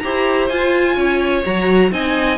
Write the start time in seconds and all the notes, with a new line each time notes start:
0.00 E4 G4 C5 A#5
0.49 F4 G#5
0.96 C#4 C#5
1.45 F#3 F#4 A#5
1.92 C4 D#4 D#5 G#5